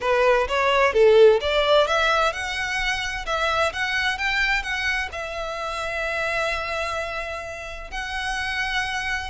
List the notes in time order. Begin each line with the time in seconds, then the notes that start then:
0.01 B4
0.48 C#5
0.93 A4
1.40 D5
1.87 E5
2.32 F#5
3.26 E5
3.72 F#5
4.17 G5
4.62 F#5
5.12 E5
7.90 F#5